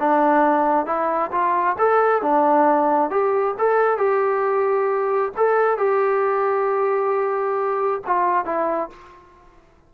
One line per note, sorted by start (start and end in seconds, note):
0.00 0.86 D4
0.86 1.31 E4
1.32 1.77 F4
1.78 2.22 A4
2.22 3.10 D4
3.10 3.55 G4
3.59 3.98 A4
3.98 5.32 G4
5.37 5.78 A4
5.78 8.02 G4
8.07 8.45 F4
8.45 8.90 E4